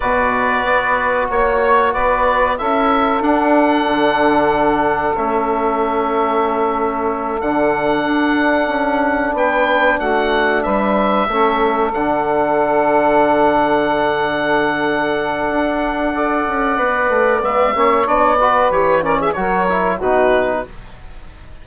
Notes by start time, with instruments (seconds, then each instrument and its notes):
0.00 bassoon B2, trombone F#4, saxophone B4, oboe D5
0.64 bassoon B3
1.29 bassoon A#3, saxophone C#5, oboe C#5
1.92 bassoon B3, saxophone B4, oboe D5
2.58 bassoon C#4, trombone E4, saxophone A4, oboe E5
3.21 bassoon D4, trombone D4, oboe F#5
3.86 bassoon D3
5.16 bassoon A3, trombone C#4, oboe E5
7.40 bassoon D3, trombone D4, oboe F#5
8.04 bassoon D4
8.67 bassoon C#4
9.33 bassoon B3, saxophone B4, oboe G5
9.98 bassoon A3, saxophone F#4, oboe F#5
10.62 bassoon G3, saxophone B4, oboe E5
11.28 bassoon A3, trombone C#4, saxophone A4
11.92 bassoon D3, trombone D4, oboe F#5
15.51 bassoon D4
16.13 trombone A4, saxophone D5
16.47 bassoon C#4
16.77 bassoon B3, trombone B4
17.08 bassoon A3
17.40 bassoon G#3, trombone B3, oboe E5
17.73 bassoon A#3, trombone C#4, saxophone C#5
18.05 bassoon B3, trombone D4, oboe D5
18.38 trombone F#4, saxophone B4
18.70 bassoon E3, trombone G4, oboe C#5
19.01 trombone C#4, saxophone A#4, oboe D5
19.19 saxophone G#4, oboe E5
19.32 bassoon F#3, trombone F#4, oboe C#5
19.38 saxophone A#4
19.69 trombone E4
19.96 bassoon B2, trombone D#4, saxophone F#4, oboe B4